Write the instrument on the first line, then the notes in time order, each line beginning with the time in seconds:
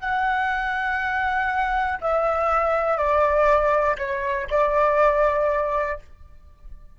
flute
0.00 F#5
2.01 E5
2.97 D5
3.98 C#5
4.50 D5